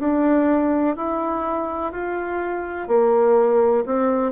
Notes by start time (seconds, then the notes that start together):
0.00 D4
0.96 E4
1.93 F4
2.88 A#3
3.86 C4